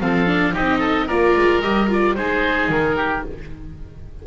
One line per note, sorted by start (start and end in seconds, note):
0.00 0.54 F3
0.00 0.26 C4
0.00 0.54 A4
0.00 0.54 F5
0.26 0.53 D4
0.53 1.09 C4
0.53 1.07 D#4
0.53 0.78 G4
0.53 1.08 D#5
0.78 1.05 A4
1.07 1.36 A#3
1.07 1.62 F4
1.07 2.15 A#4
1.07 1.61 D5
1.36 1.62 G#3
1.61 2.16 G3
1.61 1.89 G4
1.61 1.88 D#5
1.89 2.16 F4
1.89 2.15 D5
2.15 2.68 G#3
2.15 3.26 D#4
2.15 2.96 G#4
2.15 2.69 C5
2.68 3.23 D#3
2.68 3.25 A#4
2.96 3.23 G4